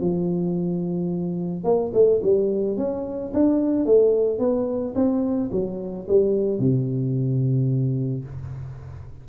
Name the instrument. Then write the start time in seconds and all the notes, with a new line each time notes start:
tuba
0.00 F3
1.63 A#3
1.93 A3
2.22 G3
2.77 C#4
3.33 D4
3.85 A3
4.38 B3
4.95 C4
5.51 F#3
6.08 G3
6.59 C3